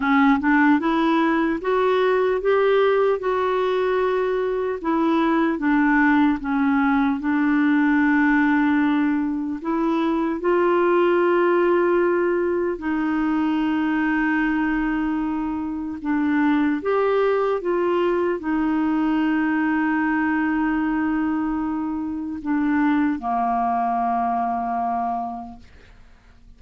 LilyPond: \new Staff \with { instrumentName = "clarinet" } { \time 4/4 \tempo 4 = 75 cis'8 d'8 e'4 fis'4 g'4 | fis'2 e'4 d'4 | cis'4 d'2. | e'4 f'2. |
dis'1 | d'4 g'4 f'4 dis'4~ | dis'1 | d'4 ais2. | }